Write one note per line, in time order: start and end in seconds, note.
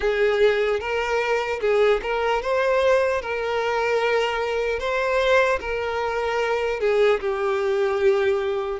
0.00 0.80 G#4
0.80 1.60 A#4
1.60 2.00 G#4
2.02 2.41 A#4
2.41 3.21 C5
3.21 4.79 A#4
4.79 5.59 C5
5.60 6.80 A#4
6.80 7.20 G#4
7.20 8.80 G4